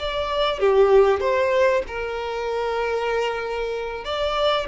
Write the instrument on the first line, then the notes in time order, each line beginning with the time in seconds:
violin
0.00 D5
0.60 G4
1.21 C5
1.88 A#4
4.05 D5